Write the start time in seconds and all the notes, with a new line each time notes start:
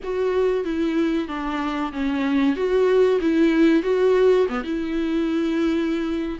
0.03 F#4
0.64 E4
1.28 D4
1.92 C#4
2.55 F#4
3.20 E4
3.83 F#4
4.48 B3
4.63 E4